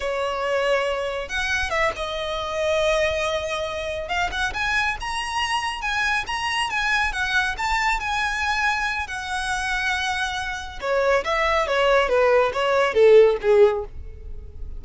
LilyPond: \new Staff \with { instrumentName = "violin" } { \time 4/4 \tempo 4 = 139 cis''2. fis''4 | e''8 dis''2.~ dis''8~ | dis''4. f''8 fis''8 gis''4 ais''8~ | ais''4. gis''4 ais''4 gis''8~ |
gis''8 fis''4 a''4 gis''4.~ | gis''4 fis''2.~ | fis''4 cis''4 e''4 cis''4 | b'4 cis''4 a'4 gis'4 | }